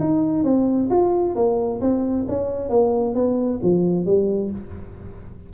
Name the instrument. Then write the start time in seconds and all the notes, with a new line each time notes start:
tuba
0.00 D#4
0.44 C4
0.90 F4
1.35 A#3
1.81 C4
2.28 C#4
2.70 A#3
3.15 B3
3.63 F3
4.06 G3